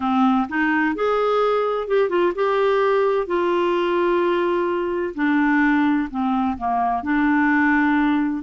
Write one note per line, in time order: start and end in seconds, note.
0.00 0.47 C4
0.48 0.95 D#4
0.95 1.87 G#4
1.87 2.09 G4
2.09 2.32 F4
2.35 3.26 G4
3.26 5.14 F4
5.15 6.08 D4
6.10 6.57 C4
6.57 7.02 A#3
7.02 8.43 D4